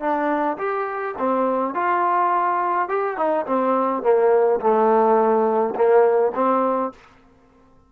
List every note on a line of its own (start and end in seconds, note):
0.00 0.57 D4
0.58 1.15 G4
1.18 1.75 C4
1.75 2.89 F4
2.89 3.17 G4
3.17 3.45 D#4
3.46 4.03 C4
4.03 4.60 A#3
4.60 5.75 A3
5.75 6.32 A#3
6.35 6.92 C4